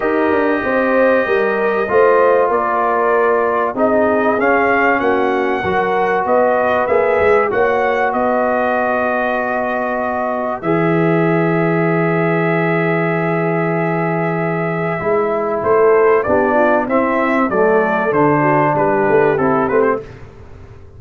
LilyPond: <<
  \new Staff \with { instrumentName = "trumpet" } { \time 4/4 \tempo 4 = 96 dis''1 | d''2 dis''4 f''4 | fis''2 dis''4 e''4 | fis''4 dis''2.~ |
dis''4 e''2.~ | e''1~ | e''4 c''4 d''4 e''4 | d''4 c''4 b'4 a'8 b'16 c''16 | }
  \new Staff \with { instrumentName = "horn" } { \time 4/4 ais'4 c''4 ais'4 c''4 | ais'2 gis'2 | fis'4 ais'4 b'2 | cis''4 b'2.~ |
b'1~ | b'1~ | b'4 a'4 g'8 f'8 e'4 | a'4. fis'8 g'2 | }
  \new Staff \with { instrumentName = "trombone" } { \time 4/4 g'2. f'4~ | f'2 dis'4 cis'4~ | cis'4 fis'2 gis'4 | fis'1~ |
fis'4 gis'2.~ | gis'1 | e'2 d'4 c'4 | a4 d'2 e'8 c'8 | }
  \new Staff \with { instrumentName = "tuba" } { \time 4/4 dis'8 d'8 c'4 g4 a4 | ais2 c'4 cis'4 | ais4 fis4 b4 ais8 gis8 | ais4 b2.~ |
b4 e2.~ | e1 | gis4 a4 b4 c'4 | fis4 d4 g8 a8 c'8 a8 | }
>>